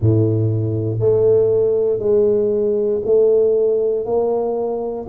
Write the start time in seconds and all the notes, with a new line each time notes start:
0.00 A2
0.99 A3
1.99 G#3
3.05 A3
4.05 A#3